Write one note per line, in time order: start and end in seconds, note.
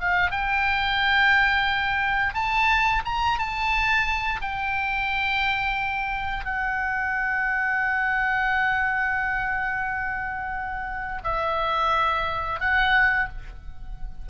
0.00 0.31 F5
0.31 2.34 G5
2.34 3.02 A5
3.05 3.38 A#5
3.38 4.41 A5
4.41 6.45 G5
6.45 11.22 F#5
11.24 12.60 E5
12.60 13.28 F#5